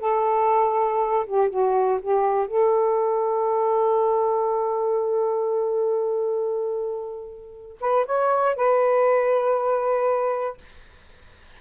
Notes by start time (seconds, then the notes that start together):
0.00 A4
1.27 G4
1.50 F#4
2.02 G4
2.48 A4
7.81 B4
8.06 C#5
8.56 B4